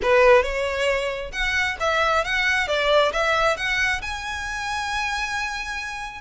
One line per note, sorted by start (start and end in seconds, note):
0.02 0.42 B4
0.42 1.31 C#5
1.32 1.76 F#5
1.79 2.24 E5
2.24 2.67 F#5
2.67 3.12 D5
3.12 3.56 E5
3.56 4.01 F#5
4.01 6.21 G#5